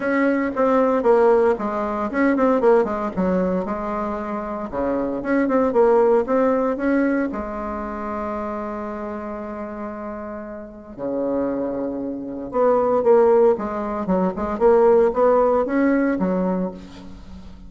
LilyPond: \new Staff \with { instrumentName = "bassoon" } { \time 4/4 \tempo 4 = 115 cis'4 c'4 ais4 gis4 | cis'8 c'8 ais8 gis8 fis4 gis4~ | gis4 cis4 cis'8 c'8 ais4 | c'4 cis'4 gis2~ |
gis1~ | gis4 cis2. | b4 ais4 gis4 fis8 gis8 | ais4 b4 cis'4 fis4 | }